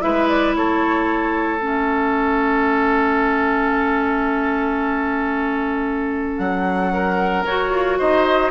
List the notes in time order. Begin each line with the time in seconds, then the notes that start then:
0.00 G#3 E4 B4 E5
0.28 D5
0.55 A3 A4 C#5
1.60 C#4 E5
6.38 F#3 F#5
6.93 A#4
7.45 F#4 C#5
7.70 F4
7.98 D#4 C5 D#5